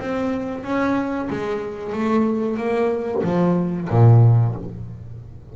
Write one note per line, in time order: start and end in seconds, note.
0.00 0.64 C4
0.64 1.29 C#4
1.30 1.93 G#3
1.93 2.58 A3
2.58 3.23 A#3
3.23 3.89 F3
3.90 4.56 A#2